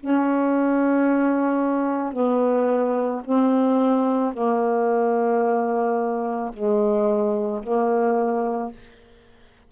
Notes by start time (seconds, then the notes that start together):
0.00 C#4
2.13 B3
3.25 C4
4.34 A#3
6.54 G#3
7.64 A#3